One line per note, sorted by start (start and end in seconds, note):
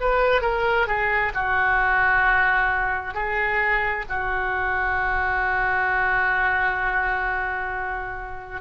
0.00 0.41 B4
0.41 0.87 A#4
0.87 1.32 G#4
1.34 3.14 F#4
3.14 4.05 G#4
4.09 8.61 F#4